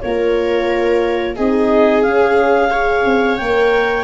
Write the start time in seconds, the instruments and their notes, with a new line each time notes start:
0.00 tuba A#3, horn F4, viola A#4, clarinet C#5
1.36 tuba C4, horn D#4, viola G#4, clarinet D#5
2.02 horn C#4, tuba C#4, clarinet F5
2.70 horn G#4, viola C#5
3.04 tuba C4
3.36 tuba A#3, horn A#4, clarinet G5